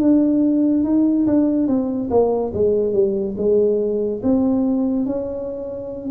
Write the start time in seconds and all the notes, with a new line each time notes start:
0.00 D4
0.85 D#4
1.27 D4
1.68 C4
2.10 A#3
2.54 G#3
2.94 G3
3.38 G#3
4.23 C4
5.06 C#4